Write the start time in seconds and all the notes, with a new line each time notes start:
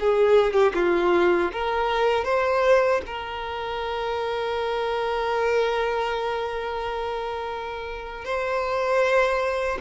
0.00 G#4
0.53 G4
0.74 F4
1.52 A#4
2.24 C5
3.06 A#4
8.25 C5